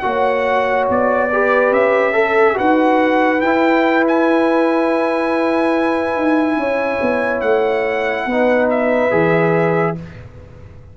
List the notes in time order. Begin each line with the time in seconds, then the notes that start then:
0.00 A#3 F#4 C#5 F#5
0.89 B3 D5
1.32 G4 B4
1.71 C#4 E5
2.13 A4
2.54 D#4 F#4 B4 F#5
3.41 E4 G5
4.07 G#5
6.15 D#4
6.56 C#4 C#5
7.01 B3
7.41 A3 F#5
8.25 B3 D#4 B4
8.70 E5
9.11 E3 G#4